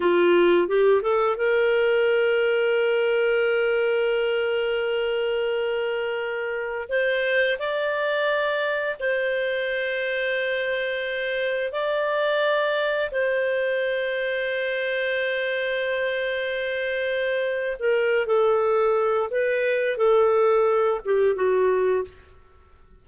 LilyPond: \new Staff \with { instrumentName = "clarinet" } { \time 4/4 \tempo 4 = 87 f'4 g'8 a'8 ais'2~ | ais'1~ | ais'2 c''4 d''4~ | d''4 c''2.~ |
c''4 d''2 c''4~ | c''1~ | c''4.~ c''16 ais'8. a'4. | b'4 a'4. g'8 fis'4 | }